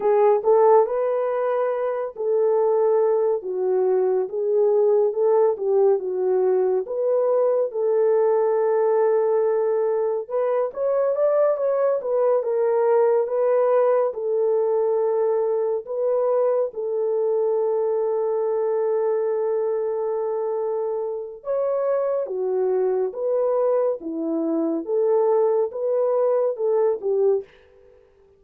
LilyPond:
\new Staff \with { instrumentName = "horn" } { \time 4/4 \tempo 4 = 70 gis'8 a'8 b'4. a'4. | fis'4 gis'4 a'8 g'8 fis'4 | b'4 a'2. | b'8 cis''8 d''8 cis''8 b'8 ais'4 b'8~ |
b'8 a'2 b'4 a'8~ | a'1~ | a'4 cis''4 fis'4 b'4 | e'4 a'4 b'4 a'8 g'8 | }